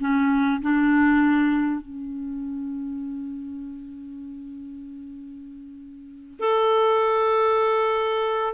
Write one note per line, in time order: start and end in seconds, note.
0.00 0.61 C#4
0.62 1.81 D4
1.81 6.40 C#4
6.40 8.54 A4